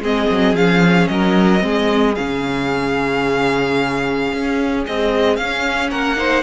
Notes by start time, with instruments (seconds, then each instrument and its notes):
0.00 cello G#3, viola C4, violin G#4 D#5
0.31 cello F#3
0.54 cello F3, viola C#4, violin F5
1.08 cello F#3, violin A#4 D#5
1.60 cello G#3, viola C4, violin G#4
2.15 cello C#3, viola C#4, violin F5
4.33 cello C#4
4.85 viola G#3, cello C4, violin D#5
5.37 cello C#4, viola C#4, violin F5
5.91 cello A#3, violin A#4 F#5
6.17 viola D#4, violin C5